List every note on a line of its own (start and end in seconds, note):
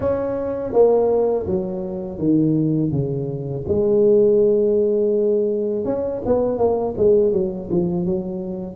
0.00 0.73 C#4
0.73 1.46 A#3
1.46 2.18 F#3
2.18 2.91 D#3
2.91 3.64 C#3
3.68 5.84 G#3
5.84 6.21 C#4
6.25 6.58 B3
6.58 6.94 A#3
6.97 7.32 G#3
7.32 7.69 F#3
7.70 8.05 F3
8.05 8.75 F#3